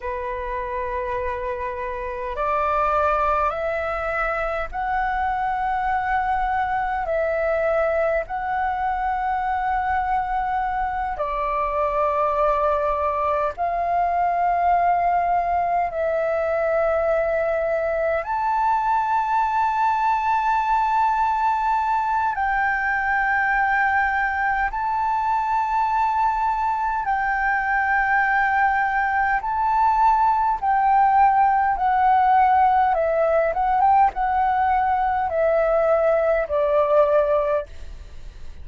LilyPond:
\new Staff \with { instrumentName = "flute" } { \time 4/4 \tempo 4 = 51 b'2 d''4 e''4 | fis''2 e''4 fis''4~ | fis''4. d''2 f''8~ | f''4. e''2 a''8~ |
a''2. g''4~ | g''4 a''2 g''4~ | g''4 a''4 g''4 fis''4 | e''8 fis''16 g''16 fis''4 e''4 d''4 | }